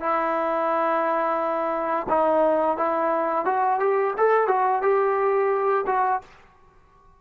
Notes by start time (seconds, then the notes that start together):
0.00 E4
2.09 D#4
2.77 E4
3.45 F#4
3.80 G4
4.18 A4
4.48 F#4
4.82 G4
5.87 F#4